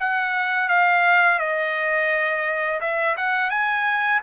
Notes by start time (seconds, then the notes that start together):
0.00 F#5
0.69 F5
1.39 D#5
2.81 E5
3.17 F#5
3.50 G#5